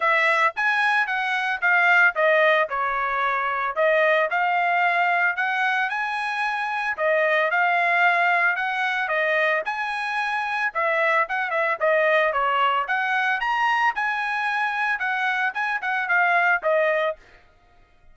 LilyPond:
\new Staff \with { instrumentName = "trumpet" } { \time 4/4 \tempo 4 = 112 e''4 gis''4 fis''4 f''4 | dis''4 cis''2 dis''4 | f''2 fis''4 gis''4~ | gis''4 dis''4 f''2 |
fis''4 dis''4 gis''2 | e''4 fis''8 e''8 dis''4 cis''4 | fis''4 ais''4 gis''2 | fis''4 gis''8 fis''8 f''4 dis''4 | }